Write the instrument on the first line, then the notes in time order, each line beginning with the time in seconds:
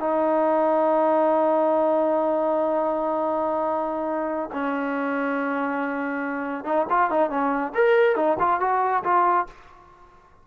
trombone
0.00 D#4
4.53 C#4
6.65 D#4
6.90 F4
7.10 D#4
7.30 C#4
7.75 A#4
8.16 D#4
8.40 F4
8.60 F#4
9.04 F4